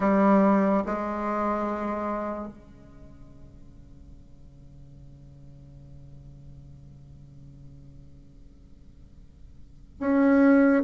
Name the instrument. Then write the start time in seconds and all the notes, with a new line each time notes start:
bassoon
0.00 G3
0.86 G#3
2.48 C#3
10.00 C#4